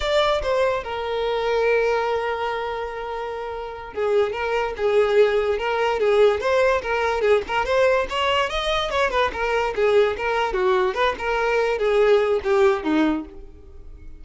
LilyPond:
\new Staff \with { instrumentName = "violin" } { \time 4/4 \tempo 4 = 145 d''4 c''4 ais'2~ | ais'1~ | ais'4. gis'4 ais'4 gis'8~ | gis'4. ais'4 gis'4 c''8~ |
c''8 ais'4 gis'8 ais'8 c''4 cis''8~ | cis''8 dis''4 cis''8 b'8 ais'4 gis'8~ | gis'8 ais'4 fis'4 b'8 ais'4~ | ais'8 gis'4. g'4 dis'4 | }